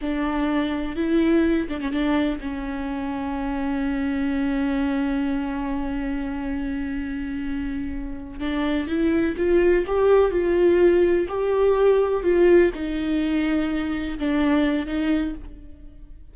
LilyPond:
\new Staff \with { instrumentName = "viola" } { \time 4/4 \tempo 4 = 125 d'2 e'4. d'16 cis'16 | d'4 cis'2.~ | cis'1~ | cis'1~ |
cis'4. d'4 e'4 f'8~ | f'8 g'4 f'2 g'8~ | g'4. f'4 dis'4.~ | dis'4. d'4. dis'4 | }